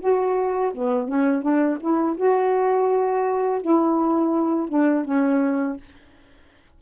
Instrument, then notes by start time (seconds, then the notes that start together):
saxophone
0.00 F#4
0.74 B3
1.08 C#4
1.42 D4
1.80 E4
2.17 F#4
3.61 E4
4.69 D4
5.05 C#4